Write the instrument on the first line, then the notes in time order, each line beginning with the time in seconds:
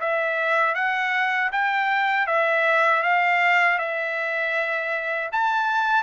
trumpet
0.00 E5
0.75 F#5
1.52 G5
2.27 E5
3.03 F5
3.79 E5
5.32 A5